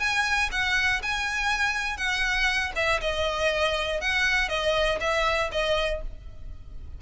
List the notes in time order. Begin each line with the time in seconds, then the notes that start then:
0.00 G#5
0.52 F#5
1.03 G#5
1.97 F#5
2.76 E5
3.01 D#5
4.01 F#5
4.49 D#5
5.01 E5
5.52 D#5